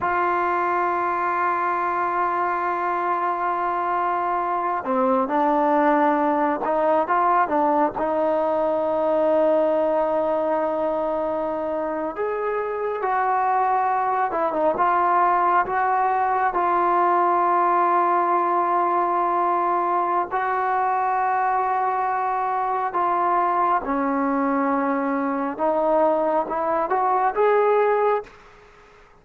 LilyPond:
\new Staff \with { instrumentName = "trombone" } { \time 4/4 \tempo 4 = 68 f'1~ | f'4. c'8 d'4. dis'8 | f'8 d'8 dis'2.~ | dis'4.~ dis'16 gis'4 fis'4~ fis'16~ |
fis'16 e'16 dis'16 f'4 fis'4 f'4~ f'16~ | f'2. fis'4~ | fis'2 f'4 cis'4~ | cis'4 dis'4 e'8 fis'8 gis'4 | }